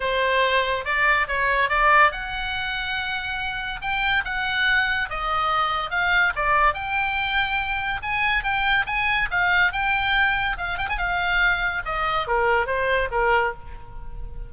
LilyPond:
\new Staff \with { instrumentName = "oboe" } { \time 4/4 \tempo 4 = 142 c''2 d''4 cis''4 | d''4 fis''2.~ | fis''4 g''4 fis''2 | dis''2 f''4 d''4 |
g''2. gis''4 | g''4 gis''4 f''4 g''4~ | g''4 f''8 g''16 gis''16 f''2 | dis''4 ais'4 c''4 ais'4 | }